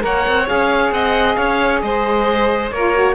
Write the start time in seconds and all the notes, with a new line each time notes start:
0.00 A#3 A#4 C#5 F#5
0.27 C4
0.46 C#4 G#4 F5
0.92 C4 D#5 F#5
1.36 C#4 C#5 F5
1.81 G#3 C5 D#5
2.71 A#3 F4 A#4 C#5
2.94 F#4